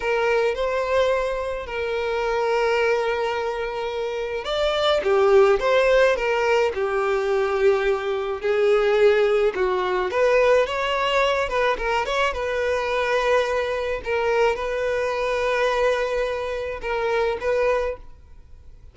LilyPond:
\new Staff \with { instrumentName = "violin" } { \time 4/4 \tempo 4 = 107 ais'4 c''2 ais'4~ | ais'1 | d''4 g'4 c''4 ais'4 | g'2. gis'4~ |
gis'4 fis'4 b'4 cis''4~ | cis''8 b'8 ais'8 cis''8 b'2~ | b'4 ais'4 b'2~ | b'2 ais'4 b'4 | }